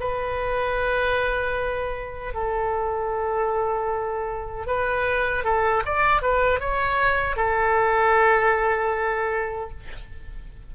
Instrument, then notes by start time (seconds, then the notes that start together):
oboe
0.00 B4
2.34 A4
4.66 B4
5.44 A4
5.85 D5
6.22 B4
6.60 C#5
7.36 A4